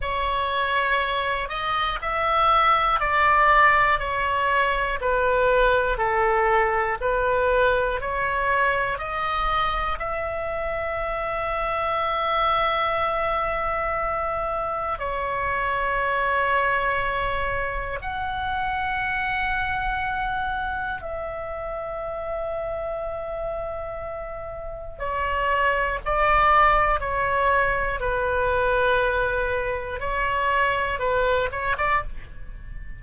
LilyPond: \new Staff \with { instrumentName = "oboe" } { \time 4/4 \tempo 4 = 60 cis''4. dis''8 e''4 d''4 | cis''4 b'4 a'4 b'4 | cis''4 dis''4 e''2~ | e''2. cis''4~ |
cis''2 fis''2~ | fis''4 e''2.~ | e''4 cis''4 d''4 cis''4 | b'2 cis''4 b'8 cis''16 d''16 | }